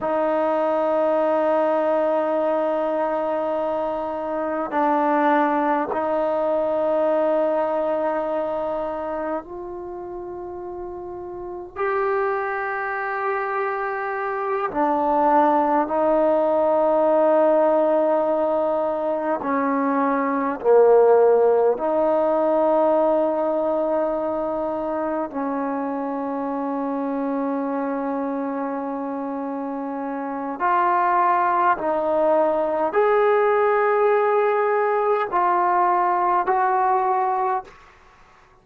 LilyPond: \new Staff \with { instrumentName = "trombone" } { \time 4/4 \tempo 4 = 51 dis'1 | d'4 dis'2. | f'2 g'2~ | g'8 d'4 dis'2~ dis'8~ |
dis'8 cis'4 ais4 dis'4.~ | dis'4. cis'2~ cis'8~ | cis'2 f'4 dis'4 | gis'2 f'4 fis'4 | }